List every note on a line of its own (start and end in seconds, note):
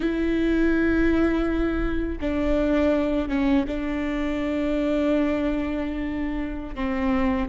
0.00 2.18 E4
2.21 3.28 D4
3.28 3.65 C#4
3.67 6.75 D4
6.75 7.48 C4